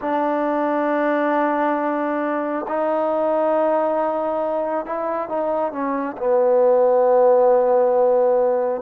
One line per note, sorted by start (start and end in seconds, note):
0.01 2.66 D4
2.68 4.85 D#4
4.85 5.29 E4
5.29 5.72 D#4
5.72 6.16 C#4
6.17 8.81 B3